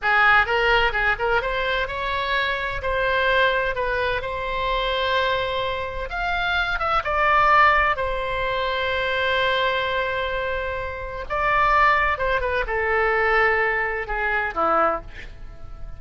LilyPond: \new Staff \with { instrumentName = "oboe" } { \time 4/4 \tempo 4 = 128 gis'4 ais'4 gis'8 ais'8 c''4 | cis''2 c''2 | b'4 c''2.~ | c''4 f''4. e''8 d''4~ |
d''4 c''2.~ | c''1 | d''2 c''8 b'8 a'4~ | a'2 gis'4 e'4 | }